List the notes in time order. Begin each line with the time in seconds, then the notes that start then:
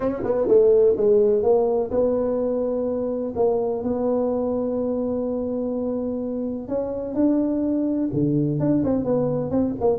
0.00 C#4
0.23 B3
0.48 A3
0.96 G#3
1.42 A#3
1.90 B3
3.35 A#3
3.83 B3
6.68 C#4
7.14 D4
8.13 D3
8.59 D4
8.84 C4
9.04 B3
9.50 C4
9.80 A#3